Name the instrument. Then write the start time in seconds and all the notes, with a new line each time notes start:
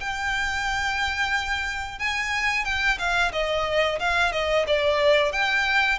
violin
0.00 G5
1.99 G#5
2.65 G5
2.98 F5
3.32 D#5
3.99 F5
4.32 D#5
4.67 D5
5.32 G5